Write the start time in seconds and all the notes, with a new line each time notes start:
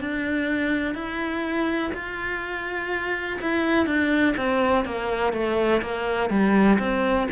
0.00 D4
0.95 E4
1.94 F4
3.41 E4
3.86 D4
4.37 C4
4.85 A#3
5.33 A3
5.82 A#3
6.30 G3
6.79 C4